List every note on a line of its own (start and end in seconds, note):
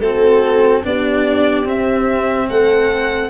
0.00 0.83 A3
0.00 0.83 C4
0.00 0.82 F#4
0.00 0.82 A4
0.83 1.66 B3
0.83 1.65 D4
0.83 2.48 G4
0.83 1.67 D5
1.65 3.29 C4
1.65 2.48 C4
1.65 2.49 E5
2.48 3.30 A3
2.48 3.30 A4
2.48 3.30 F#5